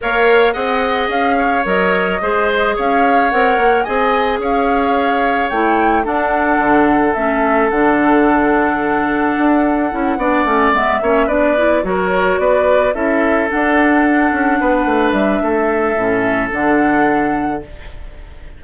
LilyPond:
<<
  \new Staff \with { instrumentName = "flute" } { \time 4/4 \tempo 4 = 109 f''4 fis''4 f''4 dis''4~ | dis''4 f''4 fis''4 gis''4 | f''2 g''4 fis''4~ | fis''4 e''4 fis''2~ |
fis''2.~ fis''8 e''8~ | e''8 d''4 cis''4 d''4 e''8~ | e''8 fis''2. e''8~ | e''2 fis''2 | }
  \new Staff \with { instrumentName = "oboe" } { \time 4/4 cis''4 dis''4. cis''4. | c''4 cis''2 dis''4 | cis''2. a'4~ | a'1~ |
a'2~ a'8 d''4. | cis''8 b'4 ais'4 b'4 a'8~ | a'2~ a'8 b'4. | a'1 | }
  \new Staff \with { instrumentName = "clarinet" } { \time 4/4 ais'4 gis'2 ais'4 | gis'2 ais'4 gis'4~ | gis'2 e'4 d'4~ | d'4 cis'4 d'2~ |
d'2 e'8 d'8 cis'8 b8 | cis'8 d'8 e'8 fis'2 e'8~ | e'8 d'2.~ d'8~ | d'4 cis'4 d'2 | }
  \new Staff \with { instrumentName = "bassoon" } { \time 4/4 ais4 c'4 cis'4 fis4 | gis4 cis'4 c'8 ais8 c'4 | cis'2 a4 d'4 | d4 a4 d2~ |
d4 d'4 cis'8 b8 a8 gis8 | ais8 b4 fis4 b4 cis'8~ | cis'8 d'4. cis'8 b8 a8 g8 | a4 a,4 d2 | }
>>